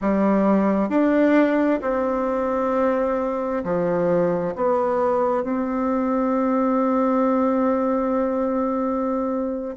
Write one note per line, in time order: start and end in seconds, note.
0.01 0.89 G3
0.89 1.80 D4
1.81 3.63 C4
3.64 4.55 F3
4.55 5.43 B3
5.43 9.75 C4